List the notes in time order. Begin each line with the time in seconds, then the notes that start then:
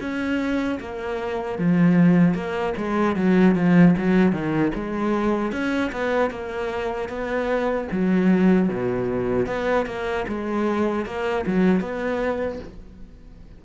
0.00 C#4
0.80 A#3
1.58 F3
2.34 A#3
2.77 G#3
3.16 F#3
3.55 F3
3.97 F#3
4.32 D#3
4.74 G#3
5.52 C#4
5.92 B3
6.30 A#3
7.08 B3
7.91 F#3
8.69 B2
9.46 B3
9.86 A#3
10.28 G#3
11.05 A#3
11.46 F#3
11.80 B3